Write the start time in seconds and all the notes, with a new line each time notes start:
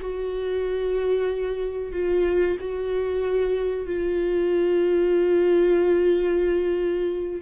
0.00 F#4
1.92 F4
2.60 F#4
3.86 F4